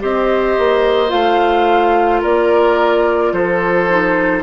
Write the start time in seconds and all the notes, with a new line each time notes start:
0.00 C4 G4 C5 D#5
0.58 A#3
1.08 A3 F4 F5
2.21 A#3 A#4 D5
3.32 F3 A4 C5
3.90 D#4